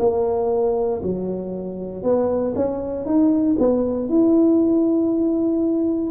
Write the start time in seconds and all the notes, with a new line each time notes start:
0.00 A#3
1.03 F#3
2.03 B3
2.56 C#4
3.06 D#4
3.59 B3
4.09 E4